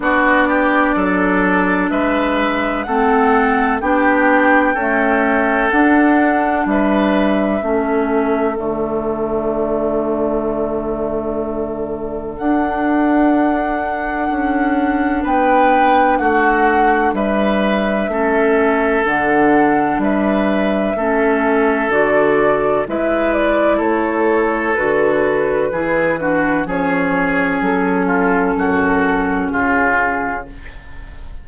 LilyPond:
<<
  \new Staff \with { instrumentName = "flute" } { \time 4/4 \tempo 4 = 63 d''2 e''4 fis''4 | g''2 fis''4 e''4~ | e''4 d''2.~ | d''4 fis''2. |
g''4 fis''4 e''2 | fis''4 e''2 d''4 | e''8 d''8 cis''4 b'2 | cis''4 a'2 gis'4 | }
  \new Staff \with { instrumentName = "oboe" } { \time 4/4 fis'8 g'8 a'4 b'4 a'4 | g'4 a'2 b'4 | a'1~ | a'1 |
b'4 fis'4 b'4 a'4~ | a'4 b'4 a'2 | b'4 a'2 gis'8 fis'8 | gis'4. f'8 fis'4 f'4 | }
  \new Staff \with { instrumentName = "clarinet" } { \time 4/4 d'2. c'4 | d'4 a4 d'2 | cis'4 a2.~ | a4 d'2.~ |
d'2. cis'4 | d'2 cis'4 fis'4 | e'2 fis'4 e'8 d'8 | cis'1 | }
  \new Staff \with { instrumentName = "bassoon" } { \time 4/4 b4 fis4 gis4 a4 | b4 cis'4 d'4 g4 | a4 d2.~ | d4 d'2 cis'4 |
b4 a4 g4 a4 | d4 g4 a4 d4 | gis4 a4 d4 e4 | f4 fis4 fis,4 cis4 | }
>>